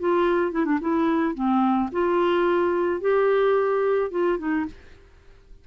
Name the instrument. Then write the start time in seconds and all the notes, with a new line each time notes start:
clarinet
0.00 F4
0.52 E4
0.66 D4
0.81 E4
1.35 C4
1.92 F4
3.01 G4
4.11 F4
4.39 D#4